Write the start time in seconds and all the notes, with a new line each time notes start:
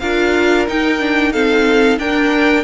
0.00 D4 F4 A#4 F5
0.68 D#4 G5
1.00 D4
1.33 C4 A4 F5
1.98 D4 A#4 G5